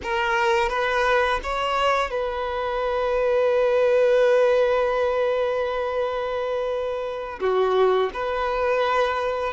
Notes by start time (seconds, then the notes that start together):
0.02 A#4
0.69 B4
1.43 C#5
2.10 B4
7.40 F#4
8.13 B4